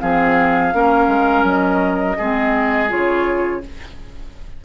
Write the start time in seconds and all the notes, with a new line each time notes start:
0.00 F3 C4 G#4 F5
0.72 A#3 C#4 A#4
1.07 G#3
1.43 F#3 D#5
2.17 G#3 C4 G#4
2.89 C#3 F4 C#5